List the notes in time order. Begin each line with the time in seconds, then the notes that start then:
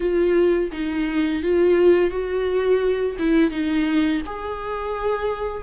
0.00 F4
0.72 D#4
1.42 F4
2.10 F#4
3.19 E4
3.51 D#4
4.25 G#4